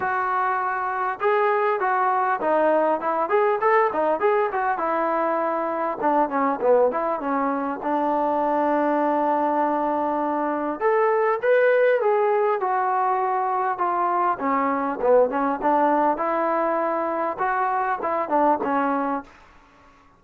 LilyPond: \new Staff \with { instrumentName = "trombone" } { \time 4/4 \tempo 4 = 100 fis'2 gis'4 fis'4 | dis'4 e'8 gis'8 a'8 dis'8 gis'8 fis'8 | e'2 d'8 cis'8 b8 e'8 | cis'4 d'2.~ |
d'2 a'4 b'4 | gis'4 fis'2 f'4 | cis'4 b8 cis'8 d'4 e'4~ | e'4 fis'4 e'8 d'8 cis'4 | }